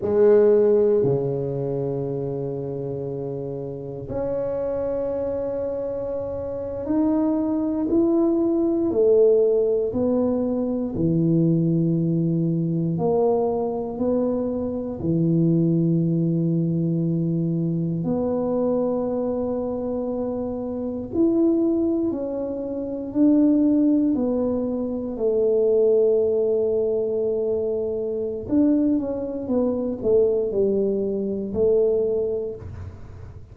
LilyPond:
\new Staff \with { instrumentName = "tuba" } { \time 4/4 \tempo 4 = 59 gis4 cis2. | cis'2~ cis'8. dis'4 e'16~ | e'8. a4 b4 e4~ e16~ | e8. ais4 b4 e4~ e16~ |
e4.~ e16 b2~ b16~ | b8. e'4 cis'4 d'4 b16~ | b8. a2.~ a16 | d'8 cis'8 b8 a8 g4 a4 | }